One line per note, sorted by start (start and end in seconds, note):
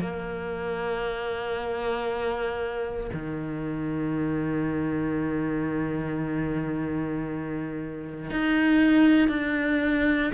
0.00 3.10 A#3
3.13 8.30 D#3
8.30 9.28 D#4
9.28 10.32 D4